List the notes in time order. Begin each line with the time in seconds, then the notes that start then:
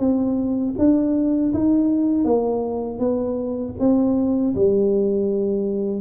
0.00 C4
0.78 D4
1.54 D#4
2.25 A#3
2.99 B3
3.80 C4
4.55 G3